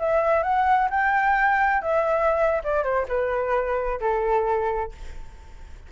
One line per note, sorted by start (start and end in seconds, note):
0.00 0.44 E5
0.44 0.90 F#5
0.91 1.82 G5
1.82 2.62 E5
2.64 2.84 D5
2.84 3.07 C5
3.09 4.00 B4
4.01 4.92 A4